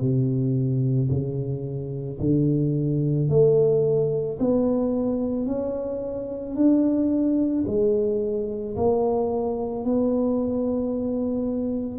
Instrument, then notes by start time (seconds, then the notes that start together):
tuba
0.00 C3
1.10 C#3
2.20 D3
3.29 A3
4.39 B3
5.46 C#4
6.56 D4
7.67 G#3
8.76 A#3
9.84 B3